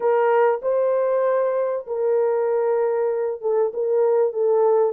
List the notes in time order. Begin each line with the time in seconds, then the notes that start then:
0.00 A#4
0.62 C5
1.86 A#4
3.41 A4
3.73 A#4
4.32 A4